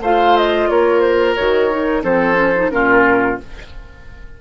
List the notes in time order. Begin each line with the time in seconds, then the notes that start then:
0.00 A3 F4 C5 F5
0.37 D#5
0.69 A#3 A#4 C#5
1.01 C5
1.35 D#3 F#4 C#5
1.70 D#4
2.03 F3 C4 A4 C5
2.35 C#4
2.56 D#4
2.70 A#2 C#4 F4 A#4